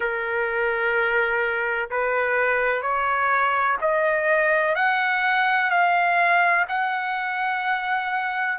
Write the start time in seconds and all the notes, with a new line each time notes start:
0.00 A#4
1.90 B4
2.82 C#5
3.81 D#5
4.75 F#5
5.70 F5
6.68 F#5